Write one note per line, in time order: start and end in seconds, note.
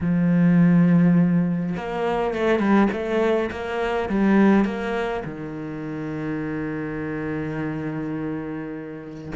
0.00 1.75 F3
1.76 2.34 A#3
2.34 2.59 A3
2.59 2.88 G3
2.92 3.50 A3
3.51 4.09 A#3
4.09 4.64 G3
4.64 5.23 A#3
5.24 9.32 D#3